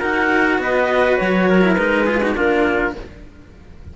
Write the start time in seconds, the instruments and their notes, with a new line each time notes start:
0.00 cello D#4 F#4, trumpet A#4, clarinet F#5
0.58 cello B3, trumpet B4, clarinet D#5
1.17 cello F#3, clarinet C#5
1.49 trumpet A#4
1.62 cello E4
1.74 cello G#3 D#4, clarinet B4
2.06 cello F4, trumpet G#4
2.21 cello D#4, trumpet F#4
2.35 cello A#3 D4, trumpet F4, clarinet A#4